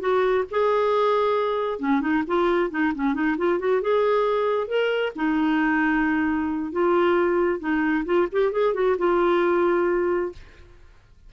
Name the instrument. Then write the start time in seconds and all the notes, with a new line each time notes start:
clarinet
0.00 F#4
0.51 G#4
1.79 C#4
2.01 D#4
2.27 F4
2.70 D#4
2.95 C#4
3.14 D#4
3.38 F4
3.59 F#4
3.82 G#4
4.68 A#4
5.16 D#4
6.72 F4
7.60 D#4
8.05 F4
8.32 G4
8.52 G#4
8.74 F#4
8.98 F4